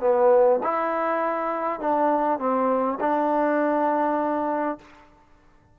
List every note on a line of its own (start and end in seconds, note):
0.00 0.59 B3
0.63 1.80 E4
1.80 2.39 D4
2.39 2.98 C4
3.00 4.78 D4